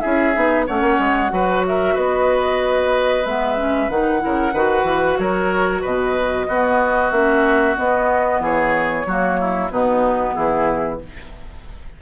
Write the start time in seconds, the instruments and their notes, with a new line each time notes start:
0.00 bassoon C#4, clarinet E4, oboe G#4, flute E5
0.34 bassoon B3, clarinet D#4
0.67 bassoon A3, clarinet C#4, oboe C#5, flute F#5
0.81 bassoon A#3
0.99 bassoon G#3
1.29 bassoon F#3, clarinet F#4, oboe B4
1.67 oboe A#4, flute E5
1.94 bassoon B3, oboe B4, flute D#5
3.25 bassoon G#3, clarinet B3, flute E5
3.57 clarinet C#4
3.89 bassoon D#3, clarinet D#4, flute F#5
4.19 bassoon C#3, clarinet E4, oboe A#4
4.53 bassoon D#3, clarinet F#4, oboe B4
4.83 bassoon E3
5.18 bassoon F#3, oboe A#4, flute C#5
5.81 bassoon B2, oboe B4, flute D#5
6.48 bassoon B3, clarinet B3, oboe F#4
7.11 bassoon A#3, clarinet C#4, flute E5
7.76 clarinet B3, bassoon B3, flute D#5
8.40 bassoon E3, oboe G#4, flute C#5
9.06 bassoon F#3, clarinet A#3, oboe F#4
9.40 oboe E4
9.70 bassoon B2, clarinet B3, oboe D#4, flute B4
10.34 bassoon E3, oboe E4, flute G#4